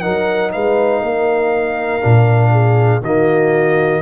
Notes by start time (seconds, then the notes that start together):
0.00 F#3 D#4 A#4 F#5
0.52 G#3 B4 F5
1.01 A#3 A#4
2.00 A#2 D4
2.51 G#4
3.01 D#3 A#3 F#4 D#5